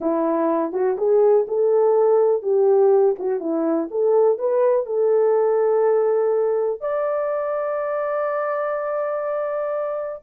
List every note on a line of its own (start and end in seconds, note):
0.00 0.72 E4
0.72 0.96 F#4
0.97 1.46 G#4
1.47 2.42 A4
2.42 3.15 G4
3.18 3.39 F#4
3.39 3.88 E4
3.90 4.38 A4
4.38 4.86 B4
4.86 6.80 A4
6.80 10.22 D5